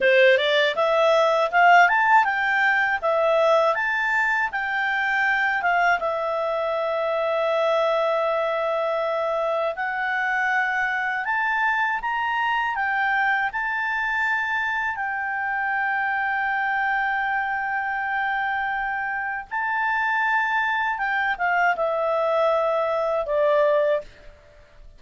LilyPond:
\new Staff \with { instrumentName = "clarinet" } { \time 4/4 \tempo 4 = 80 c''8 d''8 e''4 f''8 a''8 g''4 | e''4 a''4 g''4. f''8 | e''1~ | e''4 fis''2 a''4 |
ais''4 g''4 a''2 | g''1~ | g''2 a''2 | g''8 f''8 e''2 d''4 | }